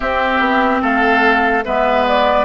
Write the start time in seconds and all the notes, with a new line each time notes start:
0.00 C4 G4 E5
0.39 B3
0.82 A3 A4 F5
1.64 G#3 B3 B4 E5
2.07 D5